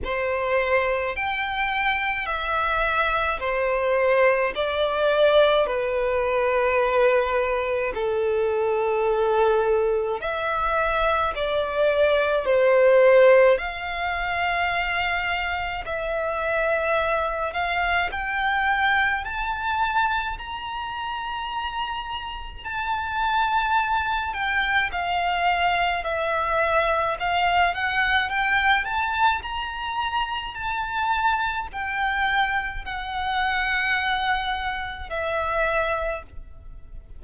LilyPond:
\new Staff \with { instrumentName = "violin" } { \time 4/4 \tempo 4 = 53 c''4 g''4 e''4 c''4 | d''4 b'2 a'4~ | a'4 e''4 d''4 c''4 | f''2 e''4. f''8 |
g''4 a''4 ais''2 | a''4. g''8 f''4 e''4 | f''8 fis''8 g''8 a''8 ais''4 a''4 | g''4 fis''2 e''4 | }